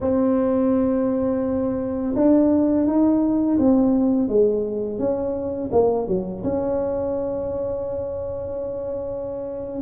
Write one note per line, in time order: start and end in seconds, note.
0.00 2.15 C4
2.15 2.86 D4
2.86 3.58 D#4
3.58 4.28 C4
4.28 4.98 G#3
4.98 5.70 C#4
5.72 6.07 A#3
6.07 6.43 F#3
6.43 9.81 C#4